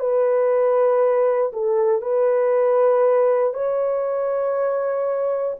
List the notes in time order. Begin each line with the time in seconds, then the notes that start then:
0.00 B4
1.53 A4
2.02 B4
3.54 C#5